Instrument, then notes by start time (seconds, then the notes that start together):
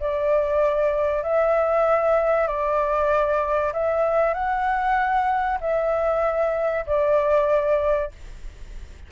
flute
0.00 D5
1.23 E5
2.48 D5
3.73 E5
4.34 F#5
5.61 E5
6.86 D5